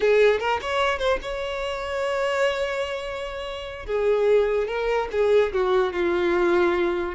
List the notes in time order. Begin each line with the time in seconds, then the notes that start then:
0.00 G#4
0.39 A#4
0.61 C#5
0.98 C5
1.21 C#5
3.86 G#4
4.67 A#4
5.11 G#4
5.53 F#4
5.92 F4